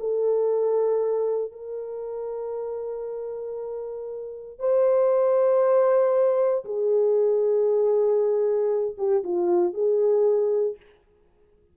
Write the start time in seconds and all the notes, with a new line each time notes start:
0.00 A4
1.52 A#4
4.59 C5
6.65 G#4
8.98 G4
9.24 F4
9.74 G#4